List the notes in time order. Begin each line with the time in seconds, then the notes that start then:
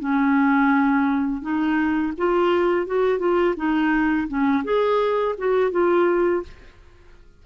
0.00 C#4
1.42 D#4
2.18 F4
2.87 F#4
3.19 F4
3.57 D#4
4.28 C#4
4.64 G#4
5.38 F#4
5.72 F4